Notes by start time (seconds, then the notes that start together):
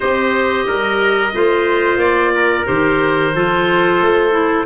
0.00 C4 G4 C5 D#5
0.67 G3 A#4
1.33 A3 F4 C5
1.96 A#3 D5
2.35 A#4
2.65 D#3 G4 C5
3.34 F3 F4 A4
4.00 A3
4.31 E4